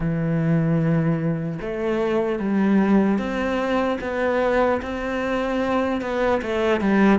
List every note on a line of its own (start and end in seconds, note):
0.00 1.59 E3
1.61 2.39 A3
2.39 3.18 G3
3.18 3.98 C4
4.00 4.80 B3
4.81 6.01 C4
6.01 6.41 B3
6.42 6.80 A3
6.80 7.19 G3